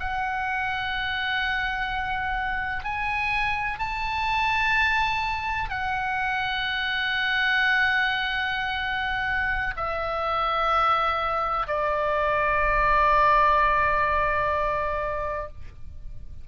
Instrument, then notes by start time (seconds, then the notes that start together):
oboe
0.00 F#5
2.84 G#5
3.79 A5
5.70 F#5
9.77 E5
11.68 D5